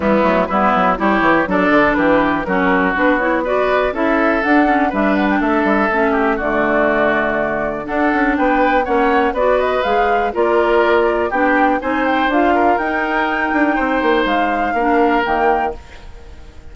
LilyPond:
<<
  \new Staff \with { instrumentName = "flute" } { \time 4/4 \tempo 4 = 122 e'4 b'4 cis''4 d''4 | b'4 ais'4 b'8 cis''8 d''4 | e''4 fis''4 e''8 fis''16 g''16 e''4~ | e''4 d''2. |
fis''4 g''4 fis''4 d''8 dis''8 | f''4 d''2 g''4 | gis''8 g''8 f''4 g''2~ | g''4 f''2 g''4 | }
  \new Staff \with { instrumentName = "oboe" } { \time 4/4 b4 e'4 g'4 a'4 | g'4 fis'2 b'4 | a'2 b'4 a'4~ | a'8 g'8 fis'2. |
a'4 b'4 cis''4 b'4~ | b'4 ais'2 g'4 | c''4. ais'2~ ais'8 | c''2 ais'2 | }
  \new Staff \with { instrumentName = "clarinet" } { \time 4/4 g8 a8 b4 e'4 d'4~ | d'4 cis'4 d'8 e'8 fis'4 | e'4 d'8 cis'8 d'2 | cis'4 a2. |
d'2 cis'4 fis'4 | gis'4 f'2 d'4 | dis'4 f'4 dis'2~ | dis'2 d'4 ais4 | }
  \new Staff \with { instrumentName = "bassoon" } { \time 4/4 e8 fis8 g8 fis8 g8 e8 fis8 d8 | e4 fis4 b2 | cis'4 d'4 g4 a8 g8 | a4 d2. |
d'8 cis'8 b4 ais4 b4 | gis4 ais2 b4 | c'4 d'4 dis'4. d'8 | c'8 ais8 gis4 ais4 dis4 | }
>>